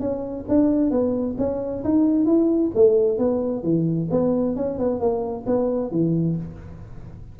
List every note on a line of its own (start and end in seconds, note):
0.00 0.45 C#4
0.48 0.91 D4
0.91 1.36 B3
1.38 1.84 C#4
1.84 2.26 D#4
2.26 2.71 E4
2.75 3.18 A3
3.18 3.63 B3
3.63 4.09 E3
4.11 4.56 B3
4.56 4.79 C#4
4.79 5.00 B3
5.00 5.45 A#3
5.46 5.91 B3
5.91 6.37 E3